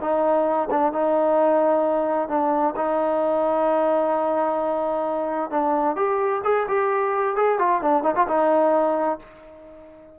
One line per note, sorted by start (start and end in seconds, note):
0.00 0.69 D#4
0.70 0.92 D4
0.92 2.28 D#4
2.28 2.74 D4
2.76 5.50 D#4
5.50 5.96 D4
5.96 6.41 G4
6.44 6.67 G#4
6.68 7.36 G4
7.36 7.59 G#4
7.59 7.81 F4
7.81 8.03 D4
8.03 8.14 D#4
8.15 8.27 F4
8.28 9.19 D#4